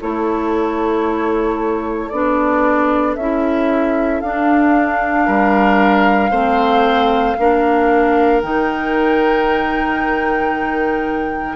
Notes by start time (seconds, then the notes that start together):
0.00 A3 E4 A4 C#5
2.09 B3 D4 D5
3.15 C#4 E4 E5
4.20 D4 F5
5.26 G3 A#4
6.30 A3 C4 C5
7.38 A#3 D4 A#4
8.42 D#3 D#4 G5